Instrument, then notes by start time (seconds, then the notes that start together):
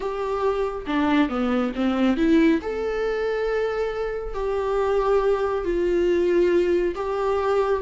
viola
0.00 G4
0.86 D4
1.28 B3
1.75 C4
2.17 E4
2.61 A4
4.34 G4
5.64 F4
6.95 G4